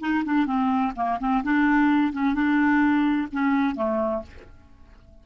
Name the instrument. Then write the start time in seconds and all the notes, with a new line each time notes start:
clarinet
0.00 D#4
0.25 D4
0.46 C4
0.95 A#3
1.20 C4
1.43 D4
2.12 C#4
2.34 D4
3.32 C#4
3.75 A3